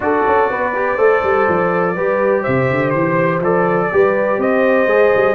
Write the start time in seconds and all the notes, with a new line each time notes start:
0.00 D4 F#4 A4 D5
0.26 C#4
0.50 B3 B4
0.75 G4
0.96 A3 A4 C5
1.23 G3
1.48 F3
1.95 G3 G4 B4
2.42 C3 C5 E5
2.70 D3
2.90 E3 C5
3.40 F3 A4 D5
3.92 G3 G4 B4
4.37 C4 C5 D#5
4.86 G#3 G#4
5.15 G3